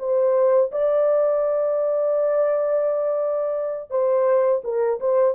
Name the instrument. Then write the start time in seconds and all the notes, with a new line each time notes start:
horn
0.00 C5
0.72 D5
3.91 C5
4.64 A#4
5.00 C5